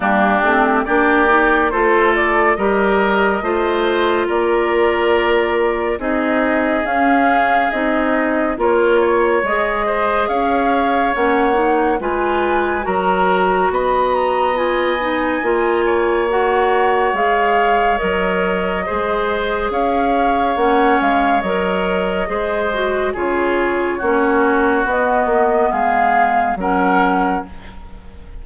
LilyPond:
<<
  \new Staff \with { instrumentName = "flute" } { \time 4/4 \tempo 4 = 70 g'4 d''4 c''8 d''8 dis''4~ | dis''4 d''2 dis''4 | f''4 dis''4 cis''4 dis''4 | f''4 fis''4 gis''4 ais''4 |
b''8 ais''8 gis''2 fis''4 | f''4 dis''2 f''4 | fis''8 f''8 dis''2 cis''4~ | cis''4 dis''4 f''4 fis''4 | }
  \new Staff \with { instrumentName = "oboe" } { \time 4/4 d'4 g'4 a'4 ais'4 | c''4 ais'2 gis'4~ | gis'2 ais'8 cis''4 c''8 | cis''2 b'4 ais'4 |
dis''2~ dis''8 cis''4.~ | cis''2 c''4 cis''4~ | cis''2 c''4 gis'4 | fis'2 gis'4 ais'4 | }
  \new Staff \with { instrumentName = "clarinet" } { \time 4/4 ais8 c'8 d'8 dis'8 f'4 g'4 | f'2. dis'4 | cis'4 dis'4 f'4 gis'4~ | gis'4 cis'8 dis'8 f'4 fis'4~ |
fis'4 f'8 dis'8 f'4 fis'4 | gis'4 ais'4 gis'2 | cis'4 ais'4 gis'8 fis'8 f'4 | cis'4 b2 cis'4 | }
  \new Staff \with { instrumentName = "bassoon" } { \time 4/4 g8 a8 ais4 a4 g4 | a4 ais2 c'4 | cis'4 c'4 ais4 gis4 | cis'4 ais4 gis4 fis4 |
b2 ais2 | gis4 fis4 gis4 cis'4 | ais8 gis8 fis4 gis4 cis4 | ais4 b8 ais8 gis4 fis4 | }
>>